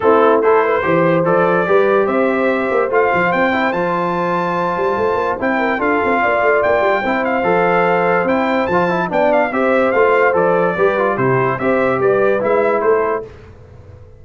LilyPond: <<
  \new Staff \with { instrumentName = "trumpet" } { \time 4/4 \tempo 4 = 145 a'4 c''2 d''4~ | d''4 e''2 f''4 | g''4 a''2.~ | a''4 g''4 f''2 |
g''4. f''2~ f''8 | g''4 a''4 g''8 f''8 e''4 | f''4 d''2 c''4 | e''4 d''4 e''4 c''4 | }
  \new Staff \with { instrumentName = "horn" } { \time 4/4 e'4 a'8 b'8 c''2 | b'4 c''2.~ | c''1~ | c''4. ais'8 a'4 d''4~ |
d''4 c''2.~ | c''2 d''4 c''4~ | c''2 b'4 g'4 | c''4 b'2 a'4 | }
  \new Staff \with { instrumentName = "trombone" } { \time 4/4 c'4 e'4 g'4 a'4 | g'2. f'4~ | f'8 e'8 f'2.~ | f'4 e'4 f'2~ |
f'4 e'4 a'2 | e'4 f'8 e'8 d'4 g'4 | f'4 a'4 g'8 f'8 e'4 | g'2 e'2 | }
  \new Staff \with { instrumentName = "tuba" } { \time 4/4 a2 e4 f4 | g4 c'4. ais8 a8 f8 | c'4 f2~ f8 g8 | a8 ais8 c'4 d'8 c'8 ais8 a8 |
ais8 g8 c'4 f2 | c'4 f4 b4 c'4 | a4 f4 g4 c4 | c'4 g4 gis4 a4 | }
>>